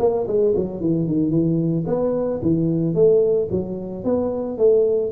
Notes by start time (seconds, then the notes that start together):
0.00 A#3
0.28 G#3
0.56 F#3
0.81 E3
1.07 D#3
1.31 E3
1.87 B3
2.43 E3
2.95 A3
3.51 F#3
4.04 B3
4.58 A3